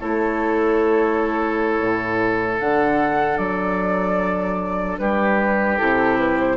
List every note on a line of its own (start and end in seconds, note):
0.00 1.81 A3
0.00 2.60 E4
0.00 5.01 A4
0.00 2.60 C#5
1.81 2.60 A2
2.60 3.38 D3
2.60 5.80 D4
2.60 3.38 F#5
3.38 4.98 F#3
3.38 4.98 D5
4.99 5.79 G3
4.99 6.57 G4
4.99 5.78 B4
5.78 6.57 C3
5.78 6.57 E4
5.78 6.18 A4
6.19 6.39 B4
6.40 6.57 C5